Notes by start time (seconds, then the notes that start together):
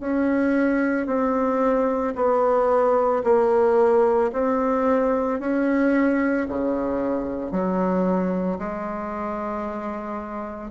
0.00 C#4
1.06 C4
2.15 B3
3.23 A#3
4.32 C4
5.40 C#4
6.48 C#3
7.51 F#3
8.59 G#3